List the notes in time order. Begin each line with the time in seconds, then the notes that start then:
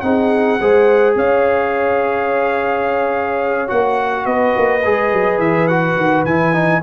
0.00 C4 D#4 G#4 F#5
0.60 G#3 G#4 C5
1.15 C#4 C#5 F5
3.67 A#3 F#4 F#5
4.25 B3 B4 D#5
4.57 A#3
4.85 G#3 G#4
5.12 F#3
5.38 E3 E5
5.67 F#4 F#5
5.96 D#3
6.25 E3 E4 G#5
6.53 D#4